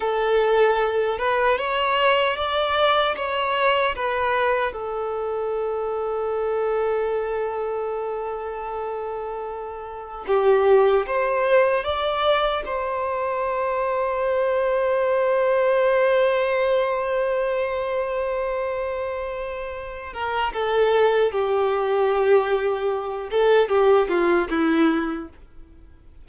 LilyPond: \new Staff \with { instrumentName = "violin" } { \time 4/4 \tempo 4 = 76 a'4. b'8 cis''4 d''4 | cis''4 b'4 a'2~ | a'1~ | a'4 g'4 c''4 d''4 |
c''1~ | c''1~ | c''4. ais'8 a'4 g'4~ | g'4. a'8 g'8 f'8 e'4 | }